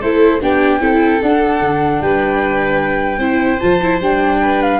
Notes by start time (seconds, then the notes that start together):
0.00 A3 E4 A4 C5
0.42 B3 D4 G4 G5
0.81 C4 E4 A4
1.22 D4 F#5
1.61 D3
2.01 G3 B4 G5
3.18 C4 E4 C5
3.59 F3 F4 A5
3.82 E4
4.01 G3 D4 G5
4.42 B4
4.62 F5